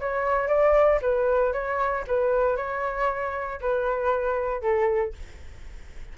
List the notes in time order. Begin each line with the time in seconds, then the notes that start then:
0.00 C#5
0.48 D5
1.02 B4
1.53 C#5
2.07 B4
2.57 C#5
3.61 B4
4.62 A4